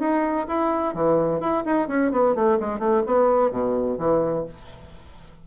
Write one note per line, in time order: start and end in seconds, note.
0.00 0.47 D#4
0.48 0.94 E4
0.94 1.40 E3
1.40 1.64 E4
1.66 1.88 D#4
1.88 2.12 C#4
2.12 2.35 B3
2.35 2.59 A3
2.60 2.80 G#3
2.80 3.03 A3
3.06 3.51 B3
3.51 3.98 B2
3.98 4.45 E3